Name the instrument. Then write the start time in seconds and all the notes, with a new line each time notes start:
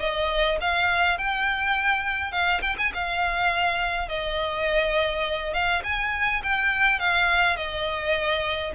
violin
0.00 D#5
0.61 F5
1.18 G5
2.32 F5
2.62 G5
2.78 G#5
2.94 F5
4.09 D#5
5.54 F5
5.84 G#5
6.43 G5
7.00 F5
7.57 D#5